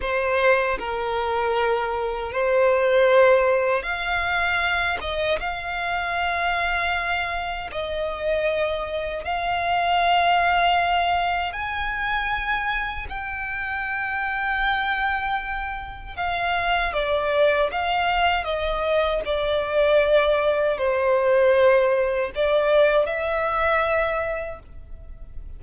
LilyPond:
\new Staff \with { instrumentName = "violin" } { \time 4/4 \tempo 4 = 78 c''4 ais'2 c''4~ | c''4 f''4. dis''8 f''4~ | f''2 dis''2 | f''2. gis''4~ |
gis''4 g''2.~ | g''4 f''4 d''4 f''4 | dis''4 d''2 c''4~ | c''4 d''4 e''2 | }